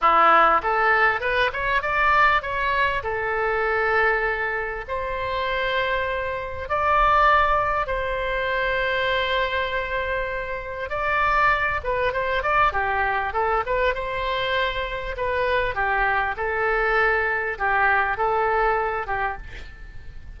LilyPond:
\new Staff \with { instrumentName = "oboe" } { \time 4/4 \tempo 4 = 99 e'4 a'4 b'8 cis''8 d''4 | cis''4 a'2. | c''2. d''4~ | d''4 c''2.~ |
c''2 d''4. b'8 | c''8 d''8 g'4 a'8 b'8 c''4~ | c''4 b'4 g'4 a'4~ | a'4 g'4 a'4. g'8 | }